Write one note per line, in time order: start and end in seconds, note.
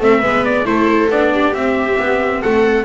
0.00 0.22 A3
0.00 0.22 C4
0.00 0.19 A4
0.00 0.45 E5
0.19 0.65 G#3
0.19 0.65 B3
0.19 0.63 B4
0.45 0.66 D5
0.65 1.08 A3
0.65 1.09 E4
0.65 1.32 A4
0.65 1.10 C5
1.09 1.53 B3
1.09 1.53 D4
1.09 1.54 D5
1.32 2.42 G4
1.53 2.85 C4
1.53 1.98 C4
1.53 2.42 E5
1.99 2.43 B3
2.42 2.85 A3
2.42 2.85 A4
2.42 2.85 F#5